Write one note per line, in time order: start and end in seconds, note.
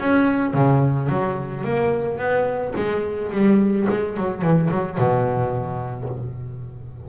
0.00 0.54 C#4
0.54 1.10 C#3
1.10 1.65 F#3
1.65 2.19 A#3
2.19 2.74 B3
2.76 3.32 G#3
3.32 3.88 G3
3.90 4.17 G#3
4.17 4.42 F#3
4.42 4.70 E3
4.71 4.98 F#3
4.98 6.09 B2